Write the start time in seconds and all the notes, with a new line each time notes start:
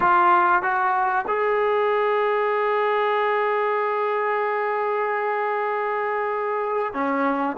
0.00 F4
0.62 F#4
1.27 G#4
6.93 C#4